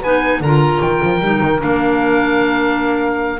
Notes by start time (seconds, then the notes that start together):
0.00 B3 D#4 B4 G#5
0.40 D3 F4 A#4 A#5
0.82 D#3 G5
1.03 F3
1.21 G3 D#4
1.41 D#3
1.59 A#3 D4 F5